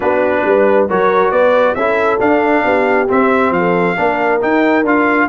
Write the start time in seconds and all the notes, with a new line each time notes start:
0.00 B3 D4 F#4 B4
0.44 G3 B4
0.88 F#3 F#4 A#4 C#5
1.31 B3 B4 D5
1.74 C#4 E4 A4 E5
2.19 D4 F5
2.64 B3 G4
3.08 C4 E5
3.50 F3 F5
3.57 A4
3.95 A#3 D4 A#4
4.40 D#4 G5
4.83 D4 F4 F5